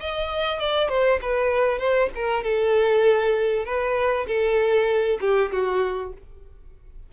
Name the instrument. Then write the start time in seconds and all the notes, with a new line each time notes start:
violin
0.00 D#5
0.60 D5
0.89 C5
1.22 B4
1.79 C5
2.15 A#4
2.44 A4
3.65 B4
4.27 A4
5.21 G4
5.52 F#4